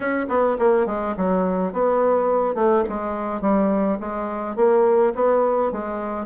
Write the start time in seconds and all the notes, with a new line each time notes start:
0.00 C#4
0.28 B3
0.58 A#3
0.86 G#3
1.16 F#3
1.72 B3
2.55 A3
2.89 G#3
3.41 G3
4.00 G#3
4.56 A#3
5.14 B3
5.71 G#3